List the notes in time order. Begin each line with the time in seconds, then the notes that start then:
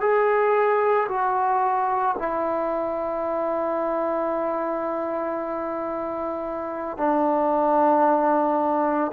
0.00 G#4
1.09 F#4
2.18 E4
6.97 D4